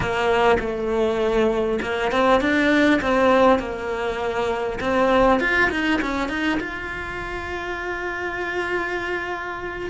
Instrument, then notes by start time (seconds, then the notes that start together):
cello
0.00 A#3
0.59 A3
1.82 A#3
2.11 C4
2.40 D4
3.01 C4
3.59 A#3
4.80 C4
5.40 F4
5.70 D#4
6.01 C#4
6.28 D#4
6.60 F4